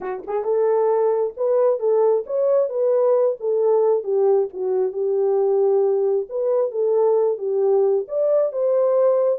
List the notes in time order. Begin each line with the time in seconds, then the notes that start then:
0.01 F#4
0.26 G#4
0.44 A4
1.36 B4
1.79 A4
2.26 C#5
2.69 B4
3.39 A4
4.03 G4
4.53 F#4
4.92 G4
6.29 B4
6.71 A4
7.38 G4
8.08 D5
8.52 C5